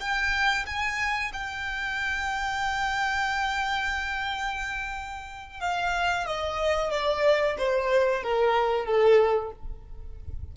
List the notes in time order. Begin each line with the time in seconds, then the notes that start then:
0.00 G5
0.67 G#5
1.34 G5
5.60 F5
6.26 D#5
6.91 D5
7.58 C5
8.24 A#4
8.86 A4